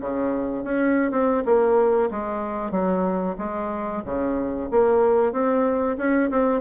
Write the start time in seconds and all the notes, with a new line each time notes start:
0.00 C#3
0.64 C#4
1.11 C4
1.45 A#3
2.11 G#3
2.71 F#3
3.38 G#3
4.05 C#3
4.71 A#3
5.32 C4
5.98 C#4
6.30 C4